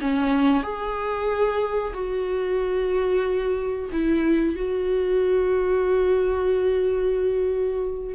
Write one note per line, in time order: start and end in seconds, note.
0.00 0.63 C#4
0.63 1.93 G#4
1.94 3.89 F#4
3.92 4.55 E4
4.55 8.14 F#4